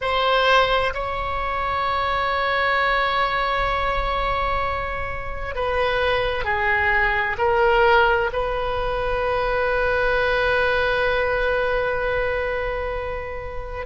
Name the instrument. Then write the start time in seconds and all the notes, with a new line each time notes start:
oboe
0.01 C5
0.94 C#5
5.55 B4
6.44 G#4
7.38 A#4
8.32 B4